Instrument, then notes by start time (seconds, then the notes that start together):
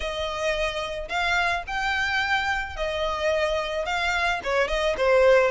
violin
0.00 D#5
1.08 F5
1.67 G5
2.76 D#5
3.85 F5
4.43 C#5
4.68 D#5
4.97 C5